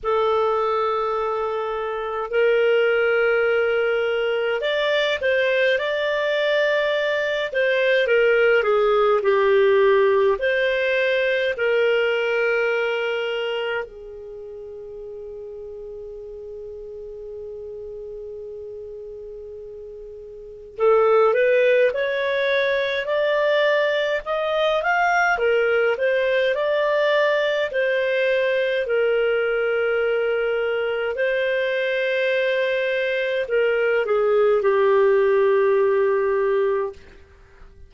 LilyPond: \new Staff \with { instrumentName = "clarinet" } { \time 4/4 \tempo 4 = 52 a'2 ais'2 | d''8 c''8 d''4. c''8 ais'8 gis'8 | g'4 c''4 ais'2 | gis'1~ |
gis'2 a'8 b'8 cis''4 | d''4 dis''8 f''8 ais'8 c''8 d''4 | c''4 ais'2 c''4~ | c''4 ais'8 gis'8 g'2 | }